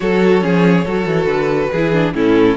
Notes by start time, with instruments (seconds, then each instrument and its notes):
0.00 cello F#3, viola F#4, violin A4 C#5
0.40 cello F3, viola C#4, violin G#4
0.84 cello F#3, viola F#4, violin A4
1.05 cello E3
1.25 cello D3, violin B4
1.71 cello E3, viola E4, violin G#4
1.92 viola D4
2.13 cello A2, viola C#4, violin E4 A4